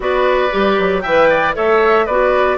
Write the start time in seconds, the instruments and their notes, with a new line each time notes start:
0.00 bassoon B3, clarinet F#4, oboe B4, flute D5
0.50 bassoon G3, clarinet G4
0.79 bassoon F#3
1.00 bassoon E3, oboe E5, flute G5
1.08 clarinet B4
1.29 oboe D5
1.54 bassoon A3, clarinet A4, oboe C#5, flute E5
2.05 bassoon B3, clarinet F#4, oboe B4, flute D5